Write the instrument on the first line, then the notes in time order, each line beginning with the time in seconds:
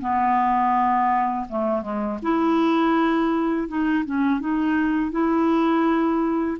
clarinet
0.00 B3
1.48 A3
1.82 G#3
2.22 E4
3.68 D#4
4.05 C#4
4.40 D#4
5.11 E4